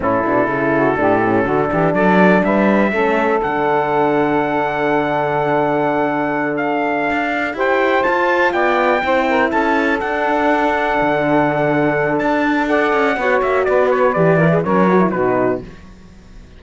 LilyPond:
<<
  \new Staff \with { instrumentName = "trumpet" } { \time 4/4 \tempo 4 = 123 a'1 | d''4 e''2 fis''4~ | fis''1~ | fis''4. f''2 g''8~ |
g''8 a''4 g''2 a''8~ | a''8 fis''2.~ fis''8~ | fis''4 a''4 fis''4. e''8 | d''8 cis''8 d''4 cis''4 b'4 | }
  \new Staff \with { instrumentName = "saxophone" } { \time 4/4 e'4. fis'8 g'4 fis'8 g'8 | a'4 b'4 a'2~ | a'1~ | a'2.~ a'8 c''8~ |
c''4. d''4 c''8 ais'8 a'8~ | a'1~ | a'2 d''4 cis''4 | b'4. ais'16 gis'16 ais'4 fis'4 | }
  \new Staff \with { instrumentName = "horn" } { \time 4/4 cis'8 d'8 e'4 d'8 cis'8 d'4~ | d'2 cis'4 d'4~ | d'1~ | d'2.~ d'8 g'8~ |
g'8 f'2 e'4.~ | e'8 d'2.~ d'8~ | d'2 a'4 fis'4~ | fis'4 g'8 e'8 cis'8 fis'16 e'16 dis'4 | }
  \new Staff \with { instrumentName = "cello" } { \time 4/4 a,8 b,8 cis4 a,4 d8 e8 | fis4 g4 a4 d4~ | d1~ | d2~ d8 d'4 e'8~ |
e'8 f'4 b4 c'4 cis'8~ | cis'8 d'2 d4.~ | d4 d'4. cis'8 b8 ais8 | b4 e4 fis4 b,4 | }
>>